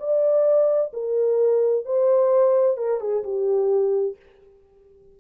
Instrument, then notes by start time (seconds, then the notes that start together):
horn
0.00 D5
0.94 A#4
1.86 C5
2.78 A#4
3.01 G#4
3.24 G4